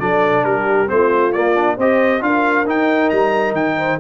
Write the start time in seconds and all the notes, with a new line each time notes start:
0.00 F#3 D4 A4 D5
0.45 G3 G4 A#4
0.87 A3 C4 C5
0.94 F4
1.32 A#3 D5
1.55 D4
1.77 C4 G4 C5 D#5
2.21 D4 F4 A#4 F5
2.66 D#4 G5
3.10 G3 A#5
3.52 D#3 G5
3.77 C5